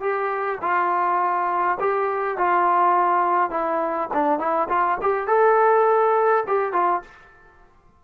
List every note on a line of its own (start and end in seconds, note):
0.00 0.58 G4
0.61 1.78 F4
1.80 2.37 G4
2.37 3.50 F4
3.50 4.08 E4
4.14 4.39 D4
4.39 4.68 E4
4.68 4.98 F4
5.01 5.27 G4
5.27 6.44 A4
6.47 6.73 G4
6.73 7.02 F4